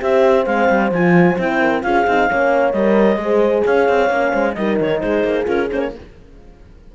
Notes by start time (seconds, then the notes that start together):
0.00 C4 G4 C5 E5
0.46 G#3 C4 F5
0.70 G3
0.92 F3 F4 G#5
1.38 C4 E4 G5
1.61 A#4
1.83 C#4 F4 G#4 F5
2.07 C4 D#4
2.29 A#3 C#4 C#5
2.72 G3 A#4 D#5
3.17 G#3 G#4 C5
3.65 C#4 C#5 F5
3.89 C4
4.10 A#3 C#4
4.32 G#3 C5
4.55 G3 D#4 A#4 D#5
4.80 D#3 C#5
5.00 G#3 G#4 C5
5.24 A#3
5.45 C#4 F4 A#4
5.72 A#3 C#4 C5
5.80 C#5